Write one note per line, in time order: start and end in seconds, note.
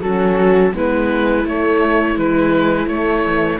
0.00 0.72 F#3
0.00 0.72 C#4
0.00 0.71 F#4
0.00 0.73 A4
0.72 1.44 G#3
0.72 1.43 B3
0.72 3.59 E4
0.72 1.47 B4
1.43 2.14 A3
1.43 2.15 A3
1.43 2.18 C#5
2.15 2.88 E3
2.15 2.86 G#3
2.15 2.87 B4
2.86 3.58 A3
2.86 3.23 A3
2.86 3.59 C#5
3.26 3.59 E3